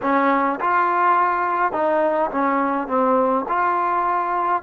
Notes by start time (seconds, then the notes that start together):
0.02 C#4
0.60 F4
1.72 D#4
2.31 C#4
2.87 C4
3.48 F4